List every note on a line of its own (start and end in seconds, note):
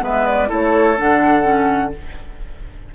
0.00 0.50 G#3
0.00 0.48 B3
0.00 0.49 B4
0.00 0.27 E5
0.27 0.50 D5
0.48 0.99 A3
0.48 0.95 E4
0.48 1.92 A4
0.48 0.99 C#5
0.97 1.95 D3
0.97 1.43 D4
0.97 1.94 F#5
1.43 1.90 C#4